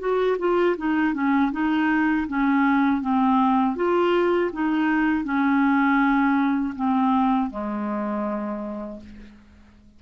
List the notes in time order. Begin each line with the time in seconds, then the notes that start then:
0.00 F#4
0.39 F4
0.78 D#4
1.14 C#4
1.52 D#4
2.28 C#4
3.02 C4
3.76 F4
4.53 D#4
5.24 C#4
6.76 C4
7.51 G#3